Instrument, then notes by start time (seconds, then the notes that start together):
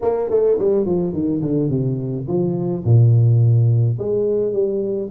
tuba
0.01 A#3
0.30 A3
0.58 G3
0.85 F3
1.13 D#3
1.41 D3
1.69 C3
2.27 F3
2.84 A#2
3.99 G#3
4.53 G3